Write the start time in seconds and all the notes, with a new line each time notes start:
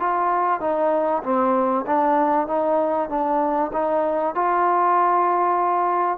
0.00 F4
0.61 D#4
1.23 C4
1.87 D4
2.47 D#4
3.10 D4
3.73 D#4
4.35 F4